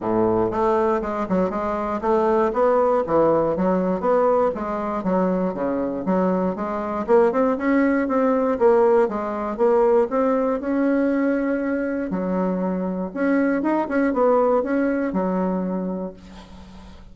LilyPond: \new Staff \with { instrumentName = "bassoon" } { \time 4/4 \tempo 4 = 119 a,4 a4 gis8 fis8 gis4 | a4 b4 e4 fis4 | b4 gis4 fis4 cis4 | fis4 gis4 ais8 c'8 cis'4 |
c'4 ais4 gis4 ais4 | c'4 cis'2. | fis2 cis'4 dis'8 cis'8 | b4 cis'4 fis2 | }